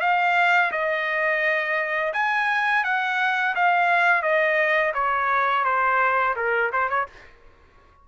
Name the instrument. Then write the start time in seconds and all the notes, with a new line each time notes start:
trumpet
0.00 F5
0.71 D#5
2.13 G#5
2.84 F#5
3.55 F5
4.22 D#5
4.94 C#5
5.64 C5
6.36 A#4
6.72 C5
6.89 C#5